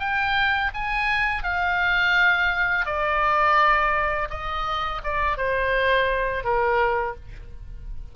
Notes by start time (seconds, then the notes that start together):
0.00 G5
0.75 G#5
1.44 F5
2.86 D5
4.31 D#5
5.04 D5
5.38 C5
6.44 A#4